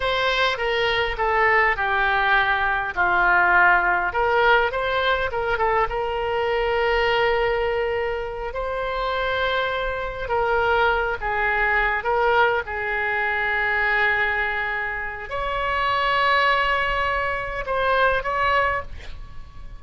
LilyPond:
\new Staff \with { instrumentName = "oboe" } { \time 4/4 \tempo 4 = 102 c''4 ais'4 a'4 g'4~ | g'4 f'2 ais'4 | c''4 ais'8 a'8 ais'2~ | ais'2~ ais'8 c''4.~ |
c''4. ais'4. gis'4~ | gis'8 ais'4 gis'2~ gis'8~ | gis'2 cis''2~ | cis''2 c''4 cis''4 | }